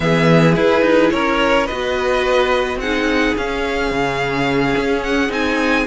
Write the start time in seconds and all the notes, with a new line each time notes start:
0.00 E3 B3 G#4 E5
0.55 E4 B4
0.81 D#4
1.11 C#4 A#4 C#5
1.66 B3 B4 D#5
1.72 F#4
2.76 C4 G#4 F#5
2.82 D#4
3.36 C#4 F5
3.91 C#3
4.77 C#4
5.03 F#5
5.29 C4 D#4 G#5